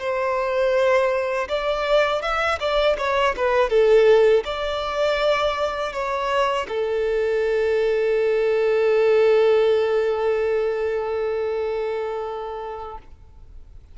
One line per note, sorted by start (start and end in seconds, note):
0.00 1.48 C5
1.49 2.22 D5
2.22 2.59 E5
2.60 2.97 D5
2.98 3.35 C#5
3.37 3.70 B4
3.70 4.44 A4
4.45 5.93 D5
5.93 6.67 C#5
6.69 12.98 A4